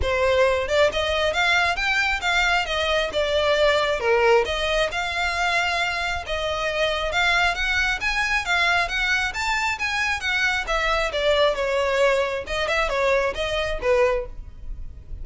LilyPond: \new Staff \with { instrumentName = "violin" } { \time 4/4 \tempo 4 = 135 c''4. d''8 dis''4 f''4 | g''4 f''4 dis''4 d''4~ | d''4 ais'4 dis''4 f''4~ | f''2 dis''2 |
f''4 fis''4 gis''4 f''4 | fis''4 a''4 gis''4 fis''4 | e''4 d''4 cis''2 | dis''8 e''8 cis''4 dis''4 b'4 | }